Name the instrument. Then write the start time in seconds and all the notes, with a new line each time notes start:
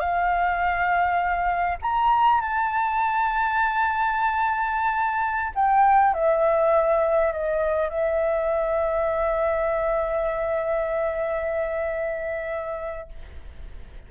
flute
0.00 F5
1.82 A#5
2.41 A5
5.55 G5
6.14 E5
7.33 D#5
7.90 E5